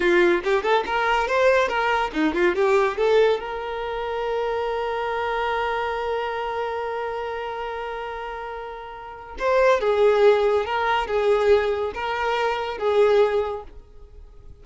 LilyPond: \new Staff \with { instrumentName = "violin" } { \time 4/4 \tempo 4 = 141 f'4 g'8 a'8 ais'4 c''4 | ais'4 dis'8 f'8 g'4 a'4 | ais'1~ | ais'1~ |
ais'1~ | ais'2 c''4 gis'4~ | gis'4 ais'4 gis'2 | ais'2 gis'2 | }